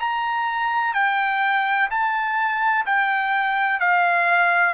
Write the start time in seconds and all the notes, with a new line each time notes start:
0.00 A#5
0.94 G5
1.90 A5
2.86 G5
3.80 F5